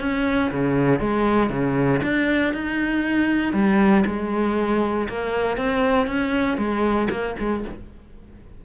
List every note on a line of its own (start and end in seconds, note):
0.00 0.51 C#4
0.51 1.00 C#3
1.00 1.50 G#3
1.50 2.01 C#3
2.03 2.54 D4
2.54 3.53 D#4
3.53 4.04 G3
4.06 5.08 G#3
5.09 5.57 A#3
5.57 6.07 C4
6.07 6.58 C#4
6.58 7.08 G#3
7.10 7.36 A#3
7.39 7.65 G#3